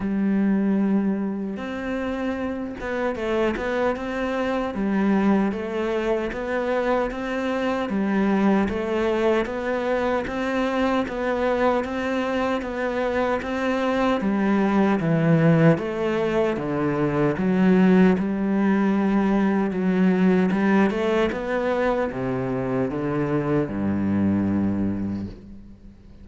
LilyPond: \new Staff \with { instrumentName = "cello" } { \time 4/4 \tempo 4 = 76 g2 c'4. b8 | a8 b8 c'4 g4 a4 | b4 c'4 g4 a4 | b4 c'4 b4 c'4 |
b4 c'4 g4 e4 | a4 d4 fis4 g4~ | g4 fis4 g8 a8 b4 | c4 d4 g,2 | }